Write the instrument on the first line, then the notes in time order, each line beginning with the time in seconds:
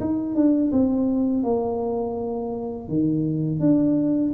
tuba
0.00 D#4
0.35 D4
0.72 C4
1.43 A#3
2.88 D#3
3.60 D4